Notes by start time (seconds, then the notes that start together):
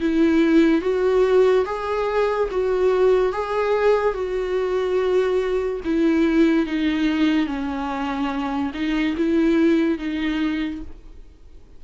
0.00 E4
0.81 F#4
1.65 G#4
2.51 F#4
3.33 G#4
4.14 F#4
5.84 E4
6.66 D#4
7.46 C#4
8.73 D#4
9.17 E4
9.98 D#4